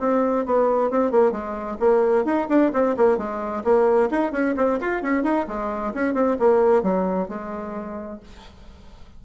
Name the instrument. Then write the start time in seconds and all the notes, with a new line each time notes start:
bassoon
0.00 C4
0.46 B3
0.90 C4
1.11 A#3
1.31 G#3
1.80 A#3
2.25 D#4
2.49 D4
2.73 C4
2.97 A#3
3.17 G#3
3.64 A#3
4.11 D#4
4.32 C#4
4.56 C4
4.80 F4
5.02 C#4
5.23 D#4
5.48 G#3
5.94 C#4
6.14 C4
6.39 A#3
6.83 F#3
7.28 G#3